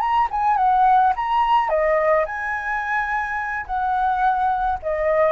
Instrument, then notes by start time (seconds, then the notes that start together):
flute
0.00 A#5
0.31 G#5
0.57 F#5
1.16 A#5
1.69 D#5
2.26 G#5
3.67 F#5
4.82 D#5